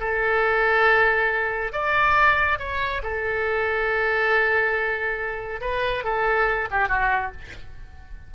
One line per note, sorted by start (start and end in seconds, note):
0.00 1.72 A4
1.72 2.59 D5
2.59 3.02 C#5
3.03 5.61 A4
5.61 6.04 B4
6.04 6.68 A4
6.71 6.88 G4
6.88 7.31 F#4